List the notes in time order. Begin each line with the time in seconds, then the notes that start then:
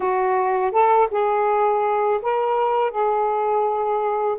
0.00 F#4
0.71 A4
1.10 G#4
2.22 A#4
2.91 G#4